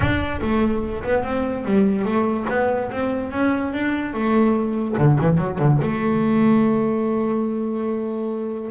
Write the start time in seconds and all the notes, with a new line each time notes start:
0.00 D4
0.41 A3
1.03 B3
1.23 C4
1.65 G3
2.04 A3
2.49 B3
2.91 C4
3.31 C#4
3.73 D4
4.13 A3
4.98 D3
5.20 E3
5.37 F#3
5.58 D3
5.81 A3